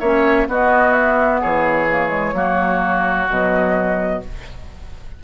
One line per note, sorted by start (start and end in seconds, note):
0.00 0.47 A#3
0.00 0.48 C#4
0.00 0.47 C#5
0.00 0.47 E5
0.48 1.42 B3
0.48 1.89 B3
0.48 1.41 F#4
0.48 0.93 D#5
0.93 1.40 E5
1.41 2.34 E3
1.41 2.35 G#4
1.41 3.29 C#5
1.89 2.08 A#3
2.08 2.31 G#3
2.34 3.27 F#3
2.34 3.28 A#3
2.34 4.24 F#4
3.29 4.23 B2
3.29 4.23 F#3
3.29 4.23 D#5